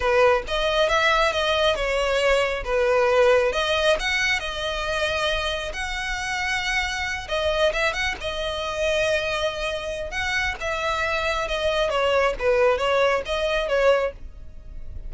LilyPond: \new Staff \with { instrumentName = "violin" } { \time 4/4 \tempo 4 = 136 b'4 dis''4 e''4 dis''4 | cis''2 b'2 | dis''4 fis''4 dis''2~ | dis''4 fis''2.~ |
fis''8 dis''4 e''8 fis''8 dis''4.~ | dis''2. fis''4 | e''2 dis''4 cis''4 | b'4 cis''4 dis''4 cis''4 | }